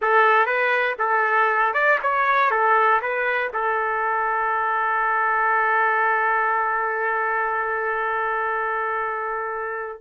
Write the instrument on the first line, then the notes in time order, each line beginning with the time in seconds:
trumpet
0.01 A4
0.46 B4
0.98 A4
1.73 D5
2.02 C#5
2.50 A4
3.01 B4
3.52 A4